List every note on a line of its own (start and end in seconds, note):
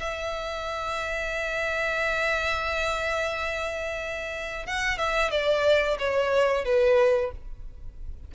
0.00 4.67 E5
4.67 4.98 F#5
4.98 5.31 E5
5.31 5.98 D5
5.99 6.65 C#5
6.65 7.32 B4